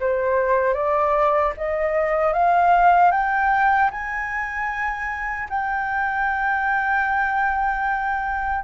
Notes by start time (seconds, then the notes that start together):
0.00 C5
0.74 D5
1.57 D#5
2.33 F5
3.11 G5
3.91 G#5
5.49 G5